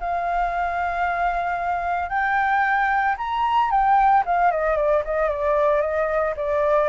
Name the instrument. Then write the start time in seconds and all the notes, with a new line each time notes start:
flute
0.00 F5
2.09 G5
3.18 A#5
3.71 G5
4.26 F5
4.52 D#5
4.77 D5
5.05 D#5
5.29 D5
5.81 D#5
6.36 D5